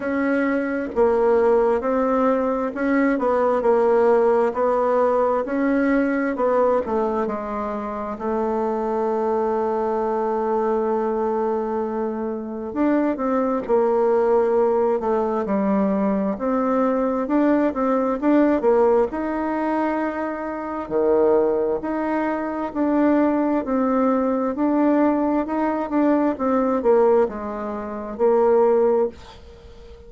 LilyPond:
\new Staff \with { instrumentName = "bassoon" } { \time 4/4 \tempo 4 = 66 cis'4 ais4 c'4 cis'8 b8 | ais4 b4 cis'4 b8 a8 | gis4 a2.~ | a2 d'8 c'8 ais4~ |
ais8 a8 g4 c'4 d'8 c'8 | d'8 ais8 dis'2 dis4 | dis'4 d'4 c'4 d'4 | dis'8 d'8 c'8 ais8 gis4 ais4 | }